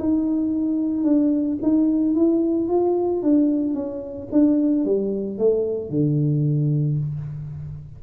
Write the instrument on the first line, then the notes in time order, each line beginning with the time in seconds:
tuba
0.00 D#4
1.04 D4
1.62 D#4
2.15 E4
2.69 F4
3.23 D4
3.74 C#4
4.32 D4
4.86 G3
5.39 A3
5.90 D3